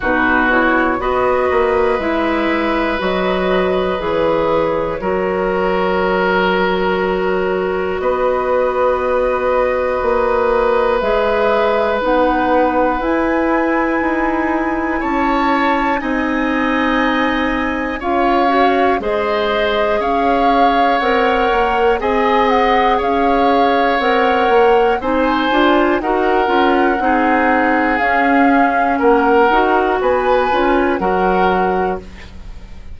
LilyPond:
<<
  \new Staff \with { instrumentName = "flute" } { \time 4/4 \tempo 4 = 60 b'8 cis''8 dis''4 e''4 dis''4 | cis''1 | dis''2. e''4 | fis''4 gis''2 a''4 |
gis''2 f''4 dis''4 | f''4 fis''4 gis''8 fis''8 f''4 | fis''4 gis''4 fis''2 | f''4 fis''4 gis''4 fis''4 | }
  \new Staff \with { instrumentName = "oboe" } { \time 4/4 fis'4 b'2.~ | b'4 ais'2. | b'1~ | b'2. cis''4 |
dis''2 cis''4 c''4 | cis''2 dis''4 cis''4~ | cis''4 c''4 ais'4 gis'4~ | gis'4 ais'4 b'4 ais'4 | }
  \new Staff \with { instrumentName = "clarinet" } { \time 4/4 dis'8 e'8 fis'4 e'4 fis'4 | gis'4 fis'2.~ | fis'2. gis'4 | dis'4 e'2. |
dis'2 f'8 fis'8 gis'4~ | gis'4 ais'4 gis'2 | ais'4 dis'8 f'8 fis'8 f'8 dis'4 | cis'4. fis'4 f'8 fis'4 | }
  \new Staff \with { instrumentName = "bassoon" } { \time 4/4 b,4 b8 ais8 gis4 fis4 | e4 fis2. | b2 ais4 gis4 | b4 e'4 dis'4 cis'4 |
c'2 cis'4 gis4 | cis'4 c'8 ais8 c'4 cis'4 | c'8 ais8 c'8 d'8 dis'8 cis'8 c'4 | cis'4 ais8 dis'8 b8 cis'8 fis4 | }
>>